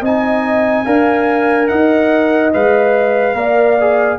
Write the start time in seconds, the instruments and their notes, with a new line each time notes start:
0.00 tuba C4, trombone D#4, horn D#5, trumpet G#5
0.85 tuba D4, trombone A#4, horn F5
1.68 tuba D#4, horn D#5, trumpet F#5
2.53 tuba G#3, trombone B4, trumpet F5
3.34 tuba A#3, trombone A#4, horn D5
3.80 trombone G#4